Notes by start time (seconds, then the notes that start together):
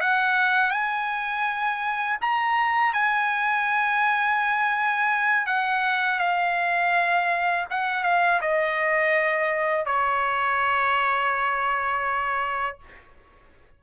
0.00 F#5
0.71 G#5
2.21 A#5
2.93 G#5
5.46 F#5
6.19 F5
7.70 F#5
8.03 F5
8.41 D#5
9.85 C#5